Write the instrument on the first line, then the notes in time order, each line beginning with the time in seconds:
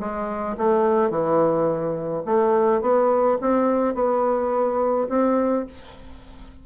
bassoon
0.00 G#3
0.58 A3
1.11 E3
2.25 A3
2.81 B3
3.41 C4
3.95 B3
5.09 C4